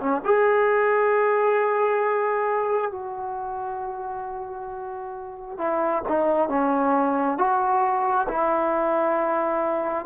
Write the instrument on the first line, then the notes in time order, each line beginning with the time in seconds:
trombone
0.00 C#4
0.25 G#4
2.91 F#4
5.58 E4
6.09 D#4
6.49 C#4
7.38 F#4
8.29 E4